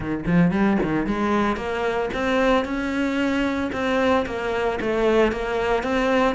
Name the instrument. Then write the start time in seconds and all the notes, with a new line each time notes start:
cello
0.00 D#3
0.26 F3
0.51 G3
0.82 D#3
1.06 G#3
1.56 A#3
2.13 C4
2.64 C#4
3.72 C4
4.26 A#3
4.81 A3
5.32 A#3
5.83 C4